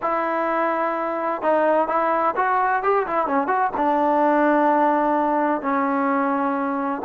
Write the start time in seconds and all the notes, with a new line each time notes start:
0.01 E4
1.42 D#4
1.87 E4
2.36 F#4
2.83 G4
3.06 E4
3.26 C#4
3.47 F#4
3.76 D4
5.61 C#4